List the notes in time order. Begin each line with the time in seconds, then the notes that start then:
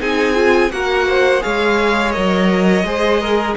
0.00 C4 D#4 G#4 G#5
0.35 F4
0.70 A#3 F#4 A#4 F#5
1.08 C5
1.41 G#3 G#4 C#5 F5
2.12 F#3 A#4 D#5
2.84 G#3 G#4 C5
3.21 A#4